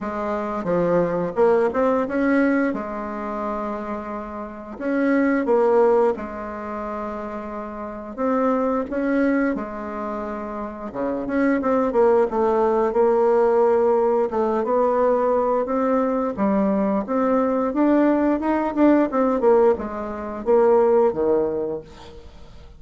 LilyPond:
\new Staff \with { instrumentName = "bassoon" } { \time 4/4 \tempo 4 = 88 gis4 f4 ais8 c'8 cis'4 | gis2. cis'4 | ais4 gis2. | c'4 cis'4 gis2 |
cis8 cis'8 c'8 ais8 a4 ais4~ | ais4 a8 b4. c'4 | g4 c'4 d'4 dis'8 d'8 | c'8 ais8 gis4 ais4 dis4 | }